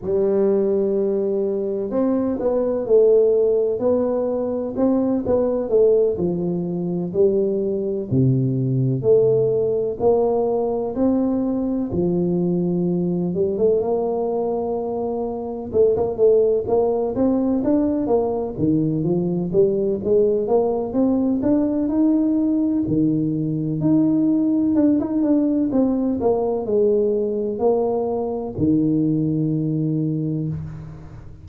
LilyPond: \new Staff \with { instrumentName = "tuba" } { \time 4/4 \tempo 4 = 63 g2 c'8 b8 a4 | b4 c'8 b8 a8 f4 g8~ | g8 c4 a4 ais4 c'8~ | c'8 f4. g16 a16 ais4.~ |
ais8 a16 ais16 a8 ais8 c'8 d'8 ais8 dis8 | f8 g8 gis8 ais8 c'8 d'8 dis'4 | dis4 dis'4 d'16 dis'16 d'8 c'8 ais8 | gis4 ais4 dis2 | }